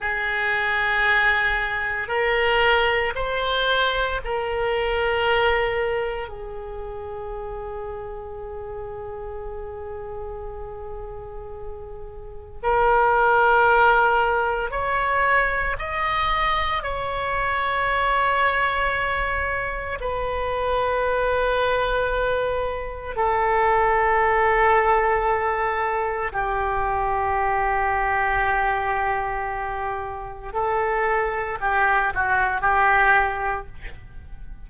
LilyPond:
\new Staff \with { instrumentName = "oboe" } { \time 4/4 \tempo 4 = 57 gis'2 ais'4 c''4 | ais'2 gis'2~ | gis'1 | ais'2 cis''4 dis''4 |
cis''2. b'4~ | b'2 a'2~ | a'4 g'2.~ | g'4 a'4 g'8 fis'8 g'4 | }